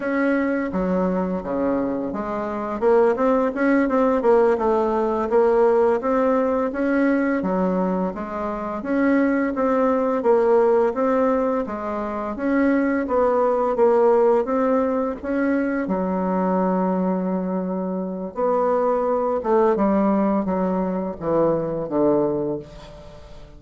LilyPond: \new Staff \with { instrumentName = "bassoon" } { \time 4/4 \tempo 4 = 85 cis'4 fis4 cis4 gis4 | ais8 c'8 cis'8 c'8 ais8 a4 ais8~ | ais8 c'4 cis'4 fis4 gis8~ | gis8 cis'4 c'4 ais4 c'8~ |
c'8 gis4 cis'4 b4 ais8~ | ais8 c'4 cis'4 fis4.~ | fis2 b4. a8 | g4 fis4 e4 d4 | }